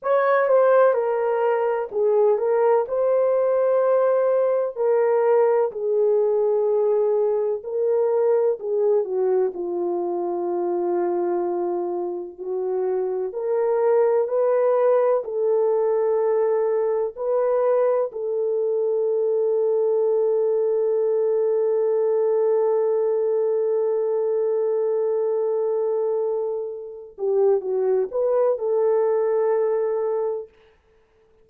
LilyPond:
\new Staff \with { instrumentName = "horn" } { \time 4/4 \tempo 4 = 63 cis''8 c''8 ais'4 gis'8 ais'8 c''4~ | c''4 ais'4 gis'2 | ais'4 gis'8 fis'8 f'2~ | f'4 fis'4 ais'4 b'4 |
a'2 b'4 a'4~ | a'1~ | a'1~ | a'8 g'8 fis'8 b'8 a'2 | }